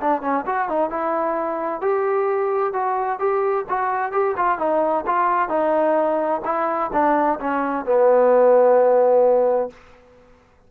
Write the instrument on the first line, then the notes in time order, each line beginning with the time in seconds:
trombone
0.00 D4
0.21 C#4
0.46 F#4
0.68 D#4
0.90 E4
1.81 G4
2.73 F#4
3.19 G4
3.69 F#4
4.12 G4
4.37 F4
4.58 D#4
5.06 F4
5.49 D#4
6.44 E4
6.93 D4
7.40 C#4
7.85 B3